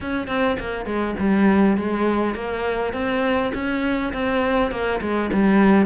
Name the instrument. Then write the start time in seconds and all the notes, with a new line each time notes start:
cello
0.00 C#4
0.27 C4
0.59 A#3
0.85 G#3
1.19 G3
1.77 G#3
2.34 A#3
2.93 C4
3.54 C#4
4.13 C4
4.71 A#3
5.01 G#3
5.32 G3